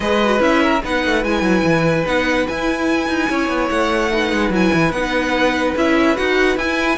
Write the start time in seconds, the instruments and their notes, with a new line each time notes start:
0.00 cello G#3, viola G#4, violin B4 D#5
0.24 viola F#4
0.39 cello C#4, viola E4, violin E5
0.62 violin A#4
0.83 cello B3, viola D#4, violin B4 F#5
1.05 cello A3
1.24 cello G#3, viola E4, violin G#5
1.41 cello F#3
1.63 cello E3
2.05 cello B3, viola D#4, violin F#5
2.47 viola E4, cello E4, violin G#5
3.08 cello D#4
3.29 cello C#4, violin C#5
3.48 cello B3
3.69 cello A3, violin F#5
4.10 viola D#4, violin B4
4.31 cello G#3
4.49 cello F#3, viola E4, violin G#5
4.73 cello E3
4.92 cello B3, viola D#4, violin F#5
5.76 cello C#4, viola E4, violin E5
6.15 cello D#4, viola F#4, violin F#5
6.57 cello E4, viola E4, violin G#5